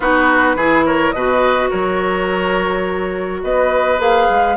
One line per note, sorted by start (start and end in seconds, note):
0.00 0.55 B3
0.00 0.58 D#4
0.00 0.56 F#4
0.00 0.84 B4
0.55 1.12 E3
0.55 1.15 E4
0.55 0.85 G#4
0.85 1.14 A#4
0.85 1.11 C#5
1.11 1.70 B2
1.11 3.98 F#4
1.11 1.70 B4
1.11 1.68 D#5
1.70 3.43 F#3
1.70 3.41 A#4
1.70 3.42 C#5
3.43 3.99 B3
3.43 4.56 B4
3.43 4.00 D#5
3.98 4.27 A#3
3.98 4.55 G#4
3.98 4.56 F5
4.29 4.56 G#3